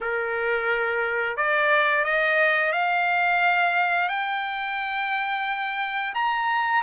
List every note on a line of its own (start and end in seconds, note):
0.00 1.36 A#4
1.36 2.04 D5
2.04 2.72 D#5
2.72 4.08 F5
4.08 6.13 G5
6.14 6.82 A#5